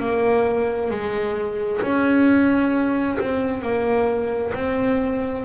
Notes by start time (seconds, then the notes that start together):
0.00 A#3
0.91 G#3
1.82 C#4
3.20 C4
3.62 A#3
4.55 C4